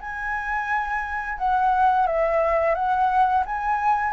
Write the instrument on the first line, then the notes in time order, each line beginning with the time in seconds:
flute
0.00 G#5
1.38 F#5
2.07 E5
2.75 F#5
3.46 G#5